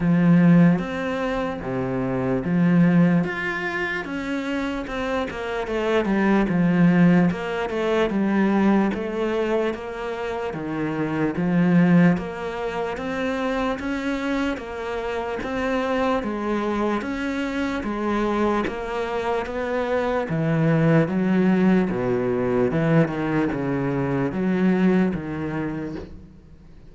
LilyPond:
\new Staff \with { instrumentName = "cello" } { \time 4/4 \tempo 4 = 74 f4 c'4 c4 f4 | f'4 cis'4 c'8 ais8 a8 g8 | f4 ais8 a8 g4 a4 | ais4 dis4 f4 ais4 |
c'4 cis'4 ais4 c'4 | gis4 cis'4 gis4 ais4 | b4 e4 fis4 b,4 | e8 dis8 cis4 fis4 dis4 | }